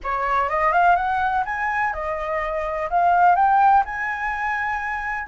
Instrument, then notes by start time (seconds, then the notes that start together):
flute
0.03 C#5
0.49 D#5
0.72 F5
0.96 F#5
1.45 G#5
1.93 D#5
2.90 F5
3.35 G5
3.85 G#5